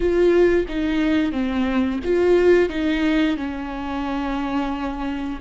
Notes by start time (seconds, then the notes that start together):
0.00 F4
0.68 D#4
1.32 C4
2.04 F4
2.69 D#4
3.36 C#4